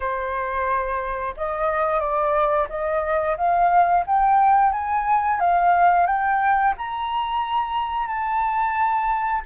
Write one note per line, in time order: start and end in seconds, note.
0.00 1.35 C5
1.37 2.00 D#5
2.00 2.67 D5
2.69 3.36 D#5
3.37 4.04 F5
4.06 4.72 G5
4.72 5.39 G#5
5.40 6.06 F5
6.06 6.74 G5
6.77 8.07 A#5
8.07 9.42 A5